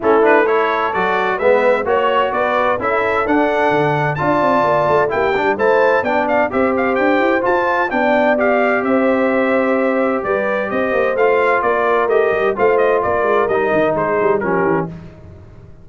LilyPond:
<<
  \new Staff \with { instrumentName = "trumpet" } { \time 4/4 \tempo 4 = 129 a'8 b'8 cis''4 d''4 e''4 | cis''4 d''4 e''4 fis''4~ | fis''4 a''2 g''4 | a''4 g''8 f''8 e''8 f''8 g''4 |
a''4 g''4 f''4 e''4~ | e''2 d''4 dis''4 | f''4 d''4 dis''4 f''8 dis''8 | d''4 dis''4 c''4 ais'4 | }
  \new Staff \with { instrumentName = "horn" } { \time 4/4 e'4 a'2 b'4 | cis''4 b'4 a'2~ | a'4 d''2 g'4 | c''4 d''4 c''2~ |
c''4 d''2 c''4~ | c''2 b'4 c''4~ | c''4 ais'2 c''4 | ais'2 gis'4 g'4 | }
  \new Staff \with { instrumentName = "trombone" } { \time 4/4 cis'8 d'8 e'4 fis'4 b4 | fis'2 e'4 d'4~ | d'4 f'2 e'8 d'8 | e'4 d'4 g'2 |
f'4 d'4 g'2~ | g'1 | f'2 g'4 f'4~ | f'4 dis'2 cis'4 | }
  \new Staff \with { instrumentName = "tuba" } { \time 4/4 a2 fis4 gis4 | ais4 b4 cis'4 d'4 | d4 d'8 c'8 ais8 a8 ais8 g8 | a4 b4 c'4 d'8 e'8 |
f'4 b2 c'4~ | c'2 g4 c'8 ais8 | a4 ais4 a8 g8 a4 | ais8 gis8 g8 dis8 gis8 g8 f8 e8 | }
>>